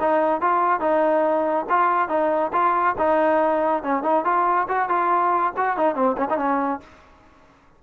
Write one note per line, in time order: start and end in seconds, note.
0.00 0.41 D#4
0.41 0.80 F4
0.80 1.66 D#4
1.69 2.09 F4
2.09 2.51 D#4
2.52 2.95 F4
2.98 3.83 D#4
3.83 4.03 C#4
4.03 4.24 D#4
4.24 4.67 F4
4.68 4.89 F#4
4.89 5.53 F4
5.57 5.77 F#4
5.77 5.95 D#4
5.95 6.16 C4
6.18 6.28 C#4
6.30 6.37 D#4
6.37 6.80 C#4